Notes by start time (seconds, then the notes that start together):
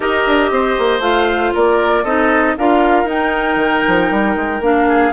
0.00 D#4 G4 A#4 D#5
0.26 D4
0.50 C4 C5
0.78 A#3
0.99 A3 F4 F5
1.54 A#3 A#4 D5
2.03 C4 D#4 A4 D#5
2.57 D4 F4 A#4 F5
3.04 D#4 G5
3.56 D#3
3.87 F3
4.11 G3
4.35 G#3
4.60 A#3 D4 F5
4.88 G#4